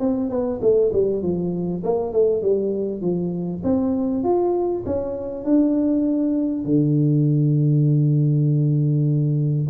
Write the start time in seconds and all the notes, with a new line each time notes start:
0.00 C4
0.30 B3
0.62 A3
0.93 G3
1.23 F3
1.84 A#3
2.13 A3
2.43 G3
3.02 F3
3.64 C4
4.24 F4
4.87 C#4
5.45 D4
6.65 D3